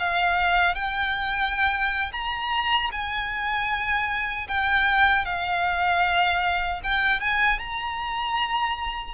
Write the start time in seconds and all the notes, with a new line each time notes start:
0.00 F5
0.75 G5
2.13 A#5
2.92 G#5
4.48 G5
5.26 F5
6.84 G5
7.20 G#5
7.60 A#5